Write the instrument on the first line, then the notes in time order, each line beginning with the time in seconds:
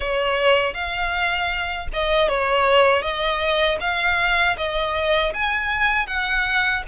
violin
0.00 C#5
0.74 F5
1.93 D#5
2.28 C#5
3.02 D#5
3.80 F5
4.57 D#5
5.33 G#5
6.07 F#5